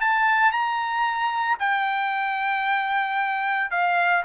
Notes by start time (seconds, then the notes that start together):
0.00 A5
0.52 A#5
1.59 G5
3.71 F5